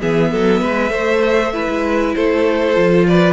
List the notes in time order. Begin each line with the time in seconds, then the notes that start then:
0.00 E3 B3 G#4 E5
0.31 F#3 A4
0.61 G#3 B4
0.89 A3 C5
1.53 E4 B4
1.68 G#3
2.14 A3 A4 C5
2.74 F3 F4
3.07 B4 D5